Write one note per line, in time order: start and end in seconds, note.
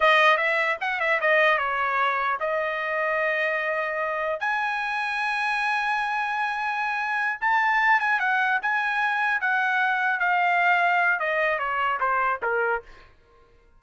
0.00 0.37 D#5
0.37 0.77 E5
0.80 1.00 F#5
1.00 1.20 E5
1.21 1.58 D#5
1.58 2.38 C#5
2.39 4.39 D#5
4.39 7.39 G#5
7.41 8.00 A5
8.00 8.19 G#5
8.19 8.59 F#5
8.62 9.41 G#5
9.41 10.19 F#5
10.19 11.19 F5
11.19 11.59 D#5
11.59 11.99 C#5
11.99 12.39 C5
12.42 12.82 A#4